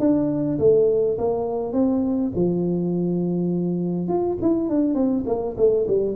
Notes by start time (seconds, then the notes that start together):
0.00 D4
0.59 A3
1.18 A#3
1.73 C4
2.36 F3
4.09 F4
4.42 E4
4.70 D4
4.95 C4
5.27 A#3
5.57 A3
5.88 G3